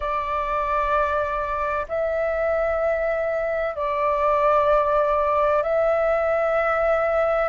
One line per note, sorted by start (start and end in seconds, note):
0.00 1.86 D5
1.88 3.75 E5
3.75 5.62 D5
5.62 7.48 E5